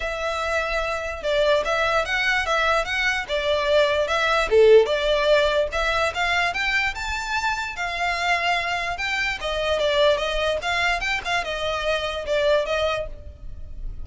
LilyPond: \new Staff \with { instrumentName = "violin" } { \time 4/4 \tempo 4 = 147 e''2. d''4 | e''4 fis''4 e''4 fis''4 | d''2 e''4 a'4 | d''2 e''4 f''4 |
g''4 a''2 f''4~ | f''2 g''4 dis''4 | d''4 dis''4 f''4 g''8 f''8 | dis''2 d''4 dis''4 | }